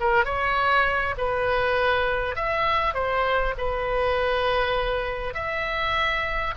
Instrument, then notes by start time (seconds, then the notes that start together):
oboe
0.00 A#4
0.25 C#5
1.17 B4
2.36 E5
2.94 C5
3.57 B4
5.33 E5